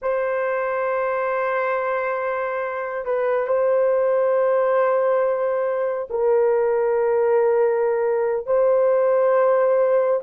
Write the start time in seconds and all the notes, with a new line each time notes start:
0.02 C5
3.05 B4
3.47 C5
6.10 A#4
8.46 C5